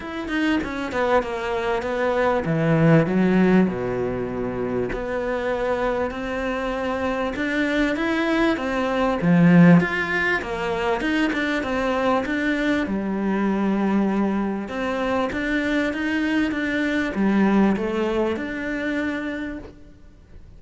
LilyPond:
\new Staff \with { instrumentName = "cello" } { \time 4/4 \tempo 4 = 98 e'8 dis'8 cis'8 b8 ais4 b4 | e4 fis4 b,2 | b2 c'2 | d'4 e'4 c'4 f4 |
f'4 ais4 dis'8 d'8 c'4 | d'4 g2. | c'4 d'4 dis'4 d'4 | g4 a4 d'2 | }